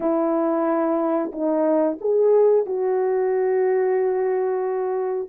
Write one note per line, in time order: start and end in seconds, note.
0.00 1.31 E4
1.32 1.98 D#4
2.00 2.66 G#4
2.66 5.29 F#4